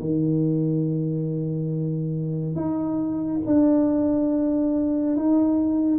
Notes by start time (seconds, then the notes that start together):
0.00 D#3
2.56 D#4
3.47 D4
5.17 D#4